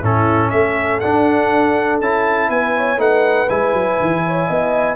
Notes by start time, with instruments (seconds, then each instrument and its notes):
0.00 tuba A2, trombone C#4, horn E4, trumpet A4
0.50 tuba A3, horn A4, trumpet E5
1.00 trombone D4, tuba D4, trumpet F#5
2.01 tuba C#4, trombone E4, trumpet A5
2.49 tuba B3, horn B4, trumpet G#5
2.77 horn C#5
2.98 tuba A3, trombone D#4, horn B4, trumpet F#5
3.49 tuba G#3, trombone E4, trumpet G#5
3.73 tuba F#3
4.00 tuba E3
4.27 horn C#5
4.47 tuba B3, horn D#5